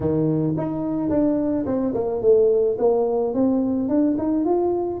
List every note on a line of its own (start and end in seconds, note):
0.00 0.55 D#3
0.57 1.09 D#4
1.09 1.65 D4
1.65 1.93 C4
1.93 2.21 A#3
2.21 2.77 A3
2.78 3.33 A#3
3.33 3.88 C4
3.88 4.16 D4
4.17 4.44 D#4
4.44 5.00 F4